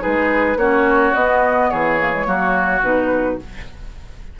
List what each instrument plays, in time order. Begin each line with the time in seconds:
0.00 clarinet D#4, oboe G#4, flute B4
0.06 bassoon G#3
0.56 bassoon A#3, clarinet C#4, oboe F#4, flute C#5
1.14 bassoon B3, clarinet B3, flute D#5
1.70 bassoon E3, oboe G#4, flute C#5
1.99 clarinet A#3
2.12 clarinet G#3
2.25 bassoon F#3, clarinet A#3, oboe F#4
2.82 bassoon B2, clarinet D#4, flute B4